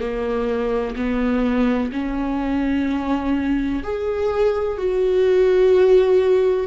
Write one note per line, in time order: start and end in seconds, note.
0.00 0.95 A#3
0.96 1.91 B3
1.92 3.83 C#4
3.83 4.77 G#4
4.77 6.67 F#4